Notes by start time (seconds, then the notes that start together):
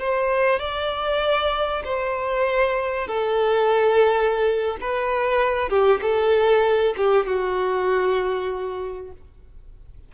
0.00 C5
0.60 D5
1.85 C5
3.08 A4
4.81 B4
5.70 G4
6.02 A4
6.97 G4
7.27 F#4